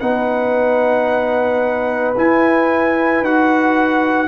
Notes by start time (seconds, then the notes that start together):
0.00 B3 D#4 B4 F#5
2.17 E4 G#5
3.21 D#4 F#4 F#5